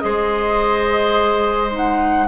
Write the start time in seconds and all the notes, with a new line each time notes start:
0.00 G#3 G#4 C5 D#5
1.71 D#4 F#5